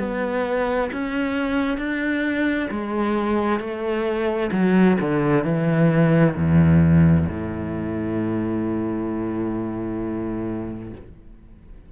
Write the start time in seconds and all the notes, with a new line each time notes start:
0.00 B3
0.93 C#4
1.79 D4
2.71 G#3
3.60 A3
4.52 F#3
5.01 D3
5.45 E3
6.36 E2
7.29 A2